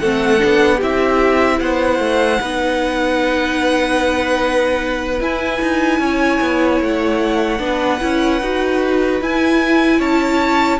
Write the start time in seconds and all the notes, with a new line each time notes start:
0.00 A3 C4 A4 F#5
0.39 B3 D4
0.77 C4 E4 G4 E5
1.60 B3 C5 F#5
1.99 A3
2.41 B3 D#4 B4
5.20 E4 G#5
5.62 D#4
6.00 C#4 C#5
6.41 B3
6.81 A3 F#5
7.59 B3 D4 B4
8.01 C#4 E4
8.42 D#4 F#4
9.21 E4 G#5
9.99 C#4 C#5 A5